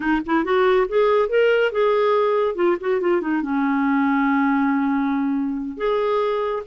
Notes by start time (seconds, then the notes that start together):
0.00 D#4
0.26 E4
0.44 F#4
0.88 G#4
1.29 A#4
1.72 G#4
2.55 F4
2.80 F#4
3.00 F4
3.21 D#4
3.42 C#4
5.77 G#4